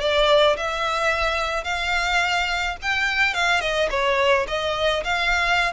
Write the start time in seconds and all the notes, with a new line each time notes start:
0.00 D5
0.56 E5
1.64 F5
2.81 G5
3.34 F5
3.60 D#5
3.90 C#5
4.47 D#5
5.04 F5